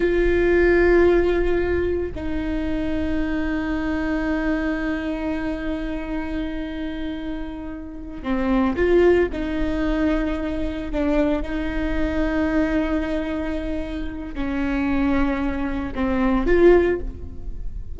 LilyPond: \new Staff \with { instrumentName = "viola" } { \time 4/4 \tempo 4 = 113 f'1 | dis'1~ | dis'1~ | dis'2.~ dis'8 c'8~ |
c'8 f'4 dis'2~ dis'8~ | dis'8 d'4 dis'2~ dis'8~ | dis'2. cis'4~ | cis'2 c'4 f'4 | }